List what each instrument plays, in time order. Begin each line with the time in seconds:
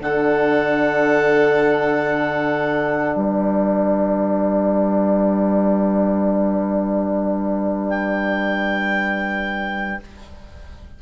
0.00 bassoon D3, horn D4, violin A4, clarinet F#5
3.15 bassoon G3, violin B4, clarinet D5
7.90 clarinet G5